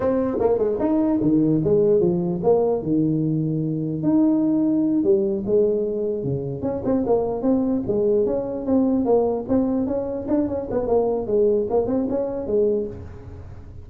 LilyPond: \new Staff \with { instrumentName = "tuba" } { \time 4/4 \tempo 4 = 149 c'4 ais8 gis8 dis'4 dis4 | gis4 f4 ais4 dis4~ | dis2 dis'2~ | dis'8 g4 gis2 cis8~ |
cis8 cis'8 c'8 ais4 c'4 gis8~ | gis8 cis'4 c'4 ais4 c'8~ | c'8 cis'4 d'8 cis'8 b8 ais4 | gis4 ais8 c'8 cis'4 gis4 | }